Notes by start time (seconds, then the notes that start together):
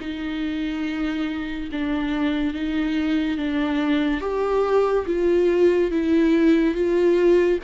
0.00 D#4
1.71 D4
2.54 D#4
3.37 D4
4.21 G4
5.06 F4
5.91 E4
6.75 F4